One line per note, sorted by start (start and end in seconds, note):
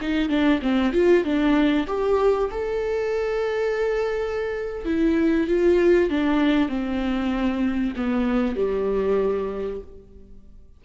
0.00 0.28 D#4
0.28 0.60 D4
0.61 0.92 C4
0.92 1.24 F4
1.24 1.86 D4
1.87 2.49 G4
2.51 4.85 A4
4.85 5.47 E4
5.47 6.09 F4
6.09 6.68 D4
6.68 7.93 C4
7.95 8.55 B3
8.55 9.80 G3